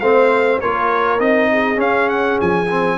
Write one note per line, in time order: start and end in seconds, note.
0.00 0.59 A3
0.00 0.61 C4
0.00 0.60 C5
0.00 0.59 F5
0.60 1.19 A#3
0.60 1.18 F4
0.60 1.49 A#4
0.60 1.20 C#5
1.18 1.77 C4
1.18 1.76 D#4
1.18 1.79 D#5
1.52 2.97 G#4
1.76 2.65 C#4
1.76 2.36 C#4
1.76 2.09 F5
2.09 2.38 F#5
2.40 2.97 F3
2.40 2.97 G#5
2.70 2.97 C4